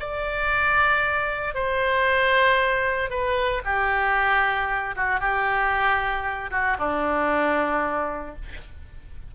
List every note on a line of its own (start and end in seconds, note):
0.00 1.55 D5
1.55 3.10 C5
3.10 3.62 B4
3.65 4.95 G4
4.96 5.20 F#4
5.20 6.51 G4
6.51 6.77 F#4
6.79 8.35 D4